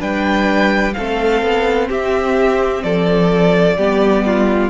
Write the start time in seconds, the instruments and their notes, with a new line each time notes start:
0.00 cello G3, viola D4, violin B4 G5
0.94 cello A3, viola C4, violin A4 F5
1.43 cello B3
1.89 cello C4, violin G4 E5
2.83 cello F3, violin A4 D5
3.77 cello G3, viola B3, violin G4
4.26 violin F4